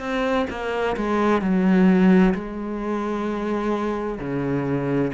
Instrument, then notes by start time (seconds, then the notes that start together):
cello
0.00 C4
0.50 A#3
0.97 G#3
1.42 F#3
2.35 G#3
4.20 C#3